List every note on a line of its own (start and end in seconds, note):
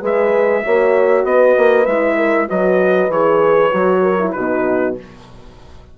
0.00 0.63 G#3
0.00 0.62 G#4
0.00 0.62 B4
0.00 1.25 E5
0.62 1.24 A#3
0.62 1.86 F#4
0.62 1.26 C#5
1.24 1.55 B3
1.24 2.16 B4
1.24 1.85 D#5
1.57 1.86 A#3
1.85 2.48 G#3
1.85 2.48 E4
1.85 2.47 E5
2.16 2.47 A#4
2.48 3.09 F#3
2.48 3.10 F#4
2.48 4.01 B4
2.48 3.11 D#5
3.09 3.71 E3
3.09 3.70 G#4
3.09 4.32 C#5
3.70 4.35 F#3
3.70 4.17 F#4
4.01 4.32 A#4
4.19 4.35 E4
4.32 4.98 B2
4.32 4.97 D#4
4.32 4.97 F#4
4.32 4.93 B4